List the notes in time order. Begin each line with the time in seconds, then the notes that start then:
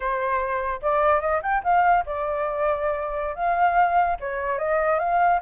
0.00 C5
0.82 D5
1.21 D#5
1.42 G5
1.63 F5
2.06 D5
3.35 F5
4.19 C#5
4.58 D#5
4.99 F5